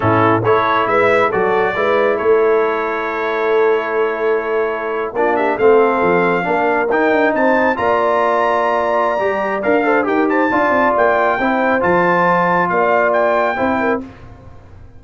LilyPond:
<<
  \new Staff \with { instrumentName = "trumpet" } { \time 4/4 \tempo 4 = 137 a'4 cis''4 e''4 d''4~ | d''4 cis''2.~ | cis''2.~ cis''8. d''16~ | d''16 e''8 f''2. g''16~ |
g''8. a''4 ais''2~ ais''16~ | ais''2 f''4 g''8 a''8~ | a''4 g''2 a''4~ | a''4 f''4 g''2 | }
  \new Staff \with { instrumentName = "horn" } { \time 4/4 e'4 a'4 b'4 a'4 | b'4 a'2.~ | a'2.~ a'8. f'16~ | f'16 g'8 a'2 ais'4~ ais'16~ |
ais'8. c''4 d''2~ d''16~ | d''2~ d''8 c''8 ais'8 c''8 | d''2 c''2~ | c''4 d''2 c''8 ais'8 | }
  \new Staff \with { instrumentName = "trombone" } { \time 4/4 cis'4 e'2 fis'4 | e'1~ | e'2.~ e'8. d'16~ | d'8. c'2 d'4 dis'16~ |
dis'4.~ dis'16 f'2~ f'16~ | f'4 g'4 ais'8 a'8 g'4 | f'2 e'4 f'4~ | f'2. e'4 | }
  \new Staff \with { instrumentName = "tuba" } { \time 4/4 a,4 a4 gis4 fis4 | gis4 a2.~ | a2.~ a8. ais16~ | ais8. a4 f4 ais4 dis'16~ |
dis'16 d'8 c'4 ais2~ ais16~ | ais4 g4 d'4 dis'4 | d'8 c'8 ais4 c'4 f4~ | f4 ais2 c'4 | }
>>